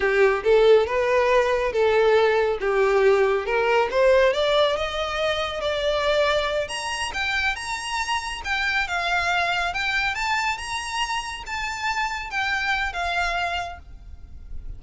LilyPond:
\new Staff \with { instrumentName = "violin" } { \time 4/4 \tempo 4 = 139 g'4 a'4 b'2 | a'2 g'2 | ais'4 c''4 d''4 dis''4~ | dis''4 d''2~ d''8 ais''8~ |
ais''8 g''4 ais''2 g''8~ | g''8 f''2 g''4 a''8~ | a''8 ais''2 a''4.~ | a''8 g''4. f''2 | }